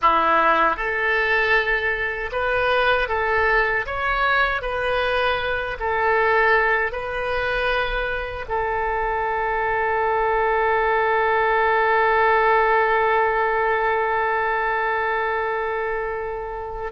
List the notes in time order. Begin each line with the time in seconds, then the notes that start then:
0.01 E4
0.76 A4
2.32 B4
3.08 A4
3.86 C#5
4.62 B4
5.79 A4
6.92 B4
8.48 A4